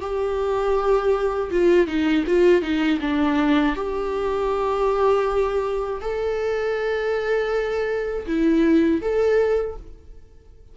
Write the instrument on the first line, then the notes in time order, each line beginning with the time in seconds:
viola
0.00 G4
1.51 F4
1.86 D#4
2.26 F4
2.61 D#4
3.00 D4
3.75 G4
6.01 A4
8.26 E4
9.01 A4